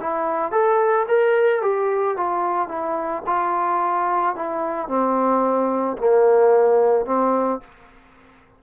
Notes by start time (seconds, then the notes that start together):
0.00 E4
0.51 A4
1.07 A#4
1.62 G4
2.16 F4
2.68 E4
3.26 F4
4.35 E4
4.88 C4
5.97 A#3
7.05 C4